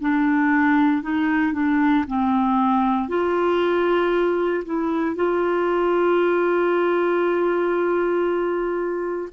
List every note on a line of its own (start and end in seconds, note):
0.00 1.02 D4
1.02 1.53 D#4
1.53 2.05 D4
2.07 3.08 C4
3.08 4.64 F4
4.65 5.15 E4
5.15 9.29 F4